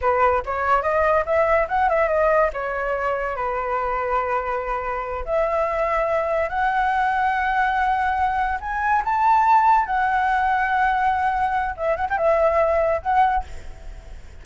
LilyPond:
\new Staff \with { instrumentName = "flute" } { \time 4/4 \tempo 4 = 143 b'4 cis''4 dis''4 e''4 | fis''8 e''8 dis''4 cis''2 | b'1~ | b'8 e''2. fis''8~ |
fis''1~ | fis''8 gis''4 a''2 fis''8~ | fis''1 | e''8 fis''16 g''16 e''2 fis''4 | }